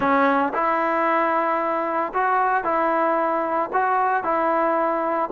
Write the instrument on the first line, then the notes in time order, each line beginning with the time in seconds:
trombone
0.00 C#4
0.53 E4
2.13 F#4
2.64 E4
3.73 F#4
4.23 E4